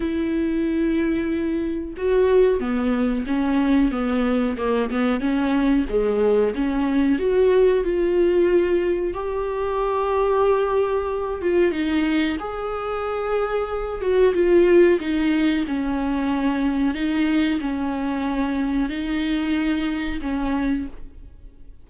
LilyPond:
\new Staff \with { instrumentName = "viola" } { \time 4/4 \tempo 4 = 92 e'2. fis'4 | b4 cis'4 b4 ais8 b8 | cis'4 gis4 cis'4 fis'4 | f'2 g'2~ |
g'4. f'8 dis'4 gis'4~ | gis'4. fis'8 f'4 dis'4 | cis'2 dis'4 cis'4~ | cis'4 dis'2 cis'4 | }